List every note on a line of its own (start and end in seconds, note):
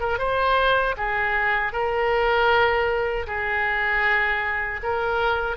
0.00 0.19 A#4
0.19 0.95 C5
0.97 1.73 G#4
1.73 3.27 A#4
3.27 4.81 G#4
4.83 5.57 A#4